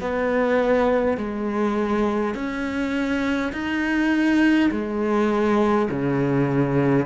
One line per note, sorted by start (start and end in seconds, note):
0.00 1.17 B3
1.17 2.34 G#3
2.34 3.52 C#4
3.52 4.70 D#4
4.71 5.88 G#3
5.90 7.06 C#3